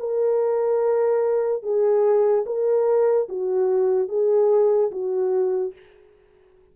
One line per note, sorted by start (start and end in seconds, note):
0.00 1.63 A#4
1.63 2.45 G#4
2.46 3.28 A#4
3.29 4.09 F#4
4.09 4.91 G#4
4.91 5.73 F#4